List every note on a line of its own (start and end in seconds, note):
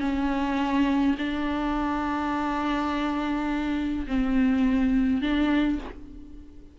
0.00 1.15 C#4
1.18 4.06 D4
4.07 5.21 C4
5.21 5.79 D4